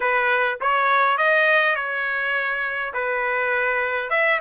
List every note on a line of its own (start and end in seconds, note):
0.00 0.59 B4
0.60 1.17 C#5
1.17 1.75 D#5
1.75 2.93 C#5
2.93 4.10 B4
4.10 4.39 E5